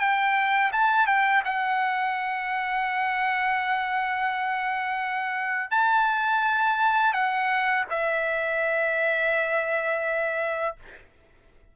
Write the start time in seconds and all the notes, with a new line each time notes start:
0.00 G5
0.72 A5
1.07 G5
1.45 F#5
5.71 A5
7.13 F#5
7.90 E5